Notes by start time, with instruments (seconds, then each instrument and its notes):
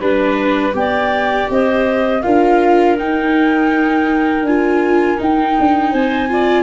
0.00 tuba G3, viola D4, flute B4, clarinet B4
0.71 tuba B3, viola G4, flute G5
0.78 clarinet D5
1.49 tuba C4, clarinet C5, flute D#5
2.21 tuba D4, viola F4, clarinet A#4, flute F5
2.98 viola D#4, tuba D#4, flute G5
4.42 tuba D4, viola F4, flute G#5
5.17 viola D#4, tuba D#4, flute G5
5.59 tuba D4
5.91 tuba C4, clarinet C5, flute G#5
6.28 viola F4, clarinet D5